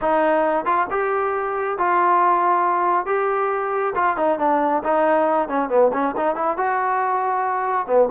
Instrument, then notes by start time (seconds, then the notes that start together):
trombone
0.01 D#4
0.65 F4
0.90 G4
1.78 F4
3.06 G4
3.95 F4
4.16 D#4
4.38 D4
4.83 D#4
5.48 C#4
5.69 B3
5.93 C#4
6.16 D#4
6.35 E4
6.57 F#4
7.86 B3